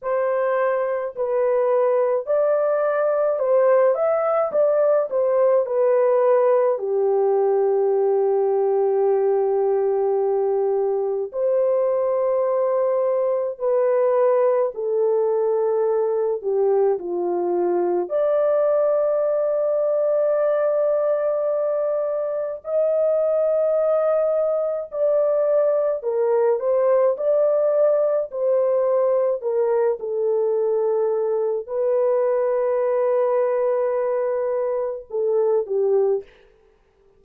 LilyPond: \new Staff \with { instrumentName = "horn" } { \time 4/4 \tempo 4 = 53 c''4 b'4 d''4 c''8 e''8 | d''8 c''8 b'4 g'2~ | g'2 c''2 | b'4 a'4. g'8 f'4 |
d''1 | dis''2 d''4 ais'8 c''8 | d''4 c''4 ais'8 a'4. | b'2. a'8 g'8 | }